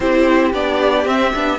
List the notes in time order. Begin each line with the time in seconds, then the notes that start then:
0.00 C4 E4 G4 C5
0.53 B3 D4 D5
1.05 C4 E5
1.34 B3 D4